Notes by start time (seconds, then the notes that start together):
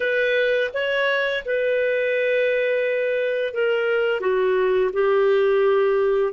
0.00 B4
0.73 C#5
1.45 B4
3.53 A#4
4.20 F#4
4.92 G4